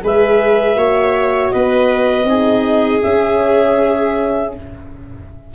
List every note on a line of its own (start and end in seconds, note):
0.00 0.76 G#3
0.00 0.75 G#4
0.00 0.78 B4
0.00 1.50 E5
0.75 1.51 A#3
0.75 2.25 F#4
0.75 1.53 C#5
1.50 2.24 B3
1.50 2.28 B4
1.50 3.00 D#5
2.24 2.99 C4
2.24 3.01 D#4
2.24 4.53 G#4
3.01 4.51 C#4
3.01 4.54 C#4
3.01 4.51 E5